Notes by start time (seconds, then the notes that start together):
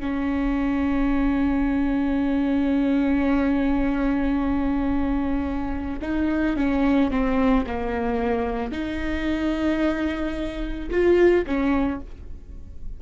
0.00 C#4
6.02 D#4
6.57 C#4
7.11 C4
7.67 A#3
8.72 D#4
10.91 F4
11.46 C#4